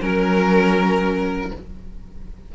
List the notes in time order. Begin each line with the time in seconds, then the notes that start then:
0.00 F#3 C#4 A#4